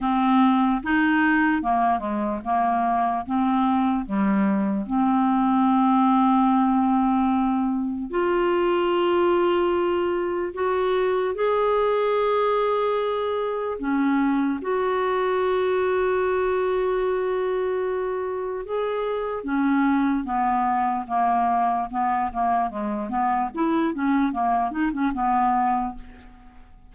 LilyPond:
\new Staff \with { instrumentName = "clarinet" } { \time 4/4 \tempo 4 = 74 c'4 dis'4 ais8 gis8 ais4 | c'4 g4 c'2~ | c'2 f'2~ | f'4 fis'4 gis'2~ |
gis'4 cis'4 fis'2~ | fis'2. gis'4 | cis'4 b4 ais4 b8 ais8 | gis8 b8 e'8 cis'8 ais8 dis'16 cis'16 b4 | }